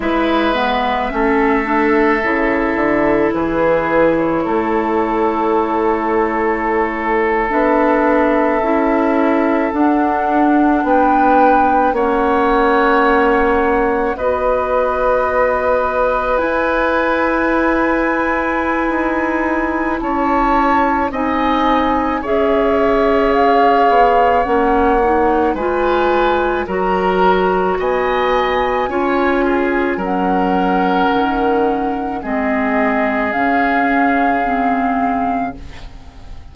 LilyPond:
<<
  \new Staff \with { instrumentName = "flute" } { \time 4/4 \tempo 4 = 54 e''2. b'8. cis''16~ | cis''2~ cis''8. e''4~ e''16~ | e''8. fis''4 g''4 fis''4~ fis''16~ | fis''8. dis''2 gis''4~ gis''16~ |
gis''2 a''4 gis''4 | e''4 f''4 fis''4 gis''4 | ais''4 gis''2 fis''4~ | fis''4 dis''4 f''2 | }
  \new Staff \with { instrumentName = "oboe" } { \time 4/4 b'4 a'2 gis'4 | a'1~ | a'4.~ a'16 b'4 cis''4~ cis''16~ | cis''8. b'2.~ b'16~ |
b'2 cis''4 dis''4 | cis''2. b'4 | ais'4 dis''4 cis''8 gis'8 ais'4~ | ais'4 gis'2. | }
  \new Staff \with { instrumentName = "clarinet" } { \time 4/4 e'8 b8 cis'8 d'8 e'2~ | e'2~ e'8. d'4 e'16~ | e'8. d'2 cis'4~ cis'16~ | cis'8. fis'2 e'4~ e'16~ |
e'2. dis'4 | gis'2 cis'8 dis'8 f'4 | fis'2 f'4 cis'4~ | cis'4 c'4 cis'4 c'4 | }
  \new Staff \with { instrumentName = "bassoon" } { \time 4/4 gis4 a4 cis8 d8 e4 | a2~ a8. b4 cis'16~ | cis'8. d'4 b4 ais4~ ais16~ | ais8. b2 e'4~ e'16~ |
e'4 dis'4 cis'4 c'4 | cis'4. b8 ais4 gis4 | fis4 b4 cis'4 fis4 | dis4 gis4 cis2 | }
>>